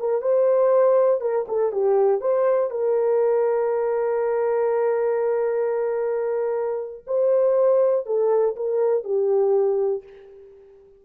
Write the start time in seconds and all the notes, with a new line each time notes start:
0.00 A#4
0.22 C5
1.21 A#4
1.48 A4
1.72 G4
2.21 C5
2.71 A#4
7.07 C5
8.06 A4
8.56 A#4
9.04 G4